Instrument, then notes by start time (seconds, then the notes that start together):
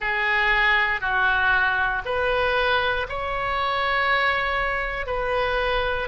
oboe
0.00 G#4
1.00 F#4
2.05 B4
3.08 C#5
5.06 B4